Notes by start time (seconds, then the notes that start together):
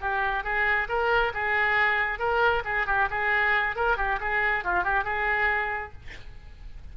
0.00 G4
0.43 G#4
0.88 A#4
1.34 G#4
2.19 A#4
2.64 G#4
2.86 G4
3.10 G#4
3.75 A#4
3.97 G4
4.20 G#4
4.64 F4
4.83 G4
5.04 G#4